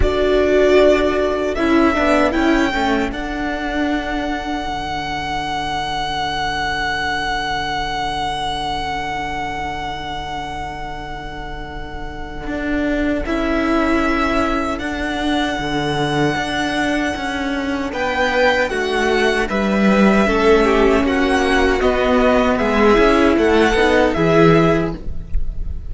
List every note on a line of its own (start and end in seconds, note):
0.00 1.56 D4
0.00 1.55 F#4
0.00 17.92 A4
0.00 1.55 D5
1.55 1.96 C#4
1.55 1.94 E4
1.55 2.32 E5
1.94 2.35 B3
1.94 2.31 D4
2.31 2.74 C#4
2.31 2.70 E4
2.31 3.10 G5
2.73 3.11 A3
2.73 3.11 C#4
3.11 13.24 D4
3.11 4.66 D4
3.11 13.25 F#5
4.66 12.46 D3
12.46 13.24 D4
13.25 14.79 C#4
13.25 14.81 E4
13.25 14.78 E5
14.78 15.57 D4
14.78 20.26 D4
14.78 17.90 F#5
15.58 16.35 D3
16.35 17.13 D4
17.16 17.92 C#4
17.92 18.70 B3
17.92 18.70 B4
17.92 18.69 G5
18.69 19.48 A3
18.69 19.48 F#4
18.69 19.47 F#5
19.48 20.27 G3
19.48 20.26 B4
19.48 21.05 E5
20.26 21.03 A3
20.26 21.80 C#4
20.26 20.63 A4
20.63 21.02 G4
21.03 21.81 A#3
21.03 22.58 F#4
21.03 21.81 F#5
21.80 22.94 B3
21.80 22.59 B3
21.80 22.57 D#5
22.57 22.97 G#3
22.57 23.36 G#4
22.57 23.35 E5
22.94 23.36 C#4
22.94 23.72 E4
23.36 23.74 A3
23.36 24.15 A4
23.36 24.13 F#5
23.74 24.12 B3
23.74 24.16 D#4
24.13 24.94 E3
24.13 24.94 E4
24.13 24.93 G#4
24.13 24.91 E5